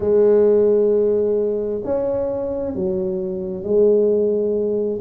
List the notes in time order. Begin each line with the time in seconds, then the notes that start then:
0.00 G#3
1.84 C#4
2.75 F#3
3.63 G#3